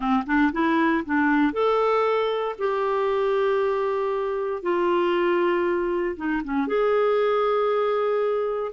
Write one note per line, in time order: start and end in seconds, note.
0.00 0.23 C4
0.26 0.52 D4
0.52 1.03 E4
1.05 1.52 D4
1.52 2.55 A4
2.58 4.62 G4
4.62 6.16 F4
6.16 6.41 D#4
6.44 6.67 C#4
6.67 8.72 G#4